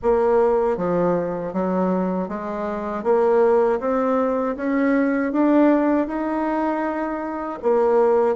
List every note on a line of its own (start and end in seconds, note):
0.02 0.77 A#3
0.77 1.53 F3
1.53 2.28 F#3
2.28 3.03 G#3
3.03 3.79 A#3
3.80 4.56 C4
4.56 5.32 C#4
5.32 6.07 D4
6.07 7.59 D#4
7.62 8.35 A#3